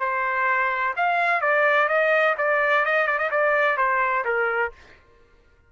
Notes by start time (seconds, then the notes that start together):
0.00 C5
0.97 F5
1.42 D5
1.89 D#5
2.38 D5
2.86 D#5
3.08 D5
3.19 D#5
3.31 D5
3.78 C5
4.25 A#4